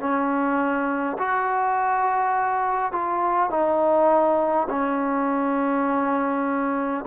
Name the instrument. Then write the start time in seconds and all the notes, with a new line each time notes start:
trombone
0.00 C#4
1.19 F#4
2.93 F4
3.50 D#4
4.70 C#4